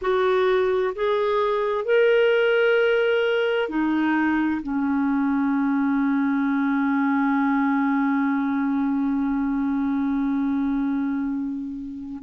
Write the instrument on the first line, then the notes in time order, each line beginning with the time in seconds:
clarinet
0.01 F#4
0.95 G#4
1.85 A#4
3.68 D#4
4.62 C#4